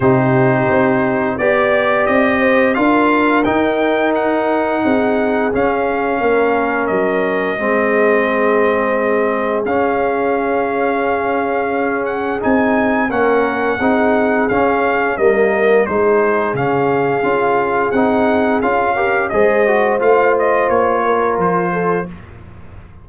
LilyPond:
<<
  \new Staff \with { instrumentName = "trumpet" } { \time 4/4 \tempo 4 = 87 c''2 d''4 dis''4 | f''4 g''4 fis''2 | f''2 dis''2~ | dis''2 f''2~ |
f''4. fis''8 gis''4 fis''4~ | fis''4 f''4 dis''4 c''4 | f''2 fis''4 f''4 | dis''4 f''8 dis''8 cis''4 c''4 | }
  \new Staff \with { instrumentName = "horn" } { \time 4/4 g'2 d''4. c''8 | ais'2. gis'4~ | gis'4 ais'2 gis'4~ | gis'1~ |
gis'2. ais'4 | gis'2 ais'4 gis'4~ | gis'2.~ gis'8 ais'8 | c''2~ c''8 ais'4 a'8 | }
  \new Staff \with { instrumentName = "trombone" } { \time 4/4 dis'2 g'2 | f'4 dis'2. | cis'2. c'4~ | c'2 cis'2~ |
cis'2 dis'4 cis'4 | dis'4 cis'4 ais4 dis'4 | cis'4 f'4 dis'4 f'8 g'8 | gis'8 fis'8 f'2. | }
  \new Staff \with { instrumentName = "tuba" } { \time 4/4 c4 c'4 b4 c'4 | d'4 dis'2 c'4 | cis'4 ais4 fis4 gis4~ | gis2 cis'2~ |
cis'2 c'4 ais4 | c'4 cis'4 g4 gis4 | cis4 cis'4 c'4 cis'4 | gis4 a4 ais4 f4 | }
>>